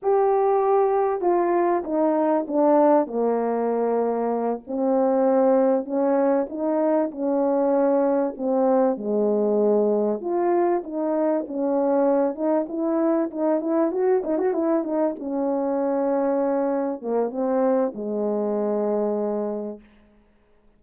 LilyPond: \new Staff \with { instrumentName = "horn" } { \time 4/4 \tempo 4 = 97 g'2 f'4 dis'4 | d'4 ais2~ ais8 c'8~ | c'4. cis'4 dis'4 cis'8~ | cis'4. c'4 gis4.~ |
gis8 f'4 dis'4 cis'4. | dis'8 e'4 dis'8 e'8 fis'8 dis'16 fis'16 e'8 | dis'8 cis'2. ais8 | c'4 gis2. | }